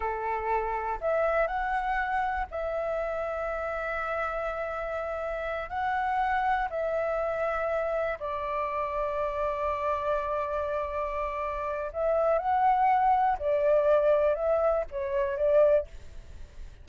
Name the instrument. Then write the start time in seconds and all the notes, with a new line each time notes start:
flute
0.00 A4
1.01 E5
1.47 F#5
2.50 E5
5.69 F#5
6.69 E5
8.19 D5
11.92 E5
12.38 F#5
13.39 D5
14.34 E5
14.90 C#5
15.37 D5